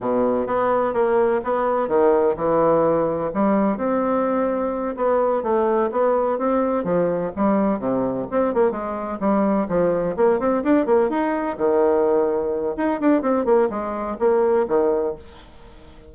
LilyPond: \new Staff \with { instrumentName = "bassoon" } { \time 4/4 \tempo 4 = 127 b,4 b4 ais4 b4 | dis4 e2 g4 | c'2~ c'8 b4 a8~ | a8 b4 c'4 f4 g8~ |
g8 c4 c'8 ais8 gis4 g8~ | g8 f4 ais8 c'8 d'8 ais8 dis'8~ | dis'8 dis2~ dis8 dis'8 d'8 | c'8 ais8 gis4 ais4 dis4 | }